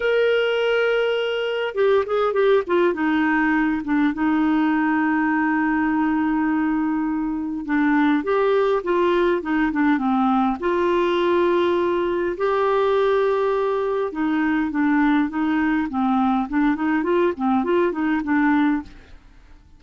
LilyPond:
\new Staff \with { instrumentName = "clarinet" } { \time 4/4 \tempo 4 = 102 ais'2. g'8 gis'8 | g'8 f'8 dis'4. d'8 dis'4~ | dis'1~ | dis'4 d'4 g'4 f'4 |
dis'8 d'8 c'4 f'2~ | f'4 g'2. | dis'4 d'4 dis'4 c'4 | d'8 dis'8 f'8 c'8 f'8 dis'8 d'4 | }